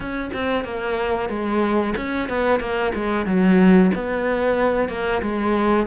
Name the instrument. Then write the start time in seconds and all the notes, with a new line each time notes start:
cello
0.00 C#4
0.33 C4
0.64 A#3
1.29 G#3
1.96 C#4
2.29 B3
2.59 A#3
2.94 G#3
3.26 F#3
3.94 B3
4.89 A#3
5.22 G#3